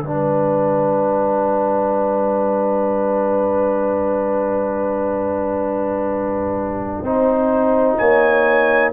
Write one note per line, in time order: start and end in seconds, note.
0.00 7.02 G3
0.00 7.05 D4
0.00 7.03 B4
0.00 7.97 G5
7.02 7.95 C4
7.02 8.92 D#4
7.02 7.97 C5
7.97 8.92 A#3
7.97 8.92 C#5
7.97 8.91 G#5